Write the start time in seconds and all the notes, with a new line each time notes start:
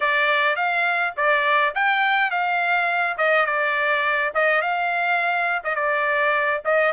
0.00 D5
0.56 F5
1.16 D5
1.74 G5
2.31 F5
3.17 D#5
3.46 D5
4.34 D#5
4.61 F5
5.64 D#5
5.75 D5
6.65 D#5